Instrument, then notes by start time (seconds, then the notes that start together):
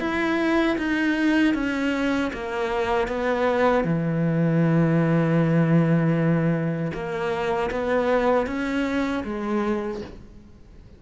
cello
0.00 E4
0.78 D#4
1.55 C#4
2.33 A#3
3.08 B3
3.84 E3
6.93 A#3
7.71 B3
8.47 C#4
9.24 G#3